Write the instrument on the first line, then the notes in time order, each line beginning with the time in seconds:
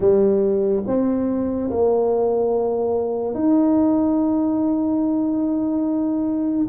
tuba
0.00 G3
0.86 C4
1.70 A#3
3.34 D#4